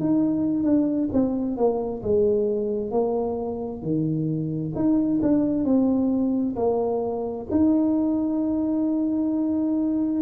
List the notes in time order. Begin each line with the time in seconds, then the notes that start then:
0.00 D#4
0.64 D4
1.12 C4
1.57 A#3
2.02 G#3
2.91 A#3
3.82 D#3
4.75 D#4
5.22 D4
5.64 C4
6.56 A#3
7.51 D#4